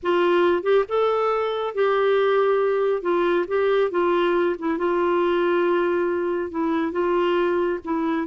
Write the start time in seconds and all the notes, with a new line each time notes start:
0.02 F4
0.62 G4
0.88 A4
1.74 G4
3.02 F4
3.47 G4
3.91 F4
4.58 E4
4.78 F4
6.50 E4
6.92 F4
7.84 E4